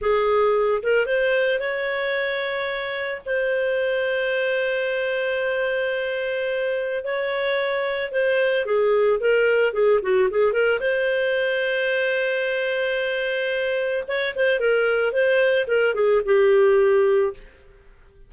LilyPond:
\new Staff \with { instrumentName = "clarinet" } { \time 4/4 \tempo 4 = 111 gis'4. ais'8 c''4 cis''4~ | cis''2 c''2~ | c''1~ | c''4 cis''2 c''4 |
gis'4 ais'4 gis'8 fis'8 gis'8 ais'8 | c''1~ | c''2 cis''8 c''8 ais'4 | c''4 ais'8 gis'8 g'2 | }